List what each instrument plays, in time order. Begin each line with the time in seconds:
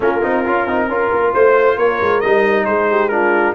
0.00 tuba A#3, trombone C#4, horn F4, trumpet A#4
0.22 tuba C4, trombone D#4
0.45 tuba C#4, trombone F4
0.66 tuba C4, trombone D#4
0.87 tuba C#4, trombone F4, horn A#4
1.11 tuba A#3
1.33 tuba A3, horn C5, trumpet C5
1.76 tuba A#3, horn A#4, trumpet C#5
2.01 tuba G#3
2.20 tuba G3, trombone D#4, trumpet D#5
2.65 tuba G#3, horn G#4, trumpet C5
2.90 horn G4
3.08 trombone D4, horn F4, trumpet A#4